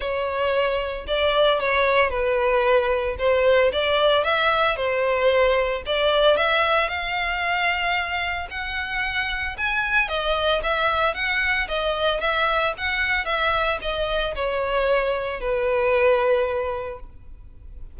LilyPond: \new Staff \with { instrumentName = "violin" } { \time 4/4 \tempo 4 = 113 cis''2 d''4 cis''4 | b'2 c''4 d''4 | e''4 c''2 d''4 | e''4 f''2. |
fis''2 gis''4 dis''4 | e''4 fis''4 dis''4 e''4 | fis''4 e''4 dis''4 cis''4~ | cis''4 b'2. | }